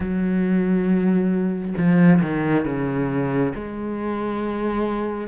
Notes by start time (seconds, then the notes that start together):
0.00 F#3
1.77 F3
2.21 D#3
2.65 C#3
3.55 G#3